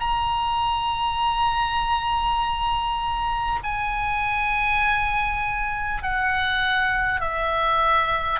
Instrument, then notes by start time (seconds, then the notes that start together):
oboe
0.00 A#5
3.64 G#5
6.03 F#5
7.21 E5